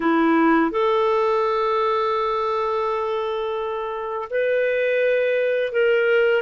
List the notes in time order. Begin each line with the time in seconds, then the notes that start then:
0.00 E4
0.71 A4
4.30 B4
5.72 A#4